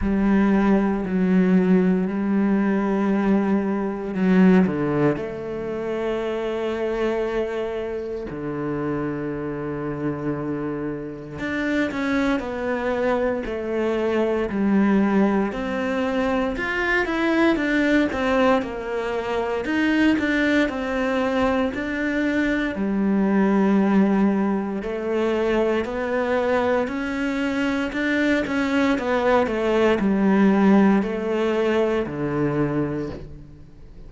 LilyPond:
\new Staff \with { instrumentName = "cello" } { \time 4/4 \tempo 4 = 58 g4 fis4 g2 | fis8 d8 a2. | d2. d'8 cis'8 | b4 a4 g4 c'4 |
f'8 e'8 d'8 c'8 ais4 dis'8 d'8 | c'4 d'4 g2 | a4 b4 cis'4 d'8 cis'8 | b8 a8 g4 a4 d4 | }